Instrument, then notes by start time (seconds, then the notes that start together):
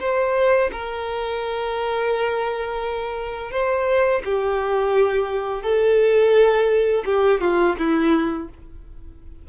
violin
0.00 C5
0.72 A#4
3.51 C5
4.25 G4
5.63 A4
7.06 G4
7.41 F4
7.78 E4